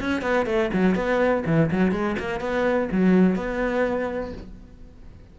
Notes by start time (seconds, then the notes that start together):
0.00 C#4
0.22 B3
0.46 A3
0.73 F#3
0.95 B3
1.46 E3
1.71 F#3
1.92 G#3
2.19 A#3
2.40 B3
2.92 F#3
3.36 B3